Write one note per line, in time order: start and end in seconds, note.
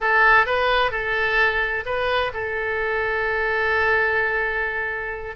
0.00 0.45 A4
0.45 0.91 B4
0.91 1.84 A4
1.85 2.32 B4
2.33 5.35 A4